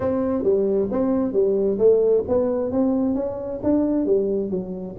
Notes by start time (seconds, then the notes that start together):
0.00 C4
0.43 G3
0.91 C4
1.32 G3
1.78 A3
2.27 B3
2.71 C4
3.14 C#4
3.63 D4
4.05 G3
4.50 F#3